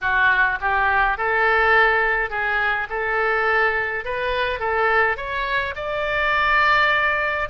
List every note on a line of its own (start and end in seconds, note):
0.01 0.58 F#4
0.61 1.17 G4
1.17 2.29 A4
2.29 2.87 G#4
2.89 4.04 A4
4.04 4.59 B4
4.59 5.16 A4
5.16 5.74 C#5
5.75 7.48 D5